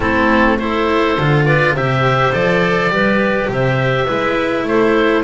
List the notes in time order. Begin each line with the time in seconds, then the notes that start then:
0.00 A3 C4 E4 A4
0.58 E4 A4 C5
1.17 D3 F4
1.45 B4 D5
1.74 C3 G4 C5 E5
2.32 F3 A4 D5
2.89 G3 G4 B4
3.48 C3 C5 E5
4.06 G#3 E4 B4
4.63 A3 A4 C5